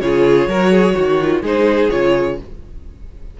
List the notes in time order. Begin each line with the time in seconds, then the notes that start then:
0.00 C#3 F4 G#4 C#5
0.47 F#3 F#4 A#4
0.71 G#4
0.94 D#3 F#4
1.21 F4
1.41 G#3 D#4 G#4 C5
1.90 C#3 F4 C#5